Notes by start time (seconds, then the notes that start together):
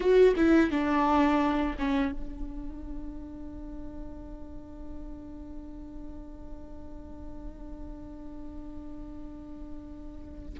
0.00 F#4
0.36 E4
0.70 D4
1.78 C#4
2.11 D4